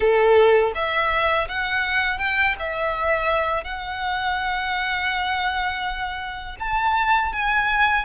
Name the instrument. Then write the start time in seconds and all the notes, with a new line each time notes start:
violin
0.00 A4
0.75 E5
1.48 F#5
2.18 G5
2.59 E5
3.64 F#5
6.59 A5
7.32 G#5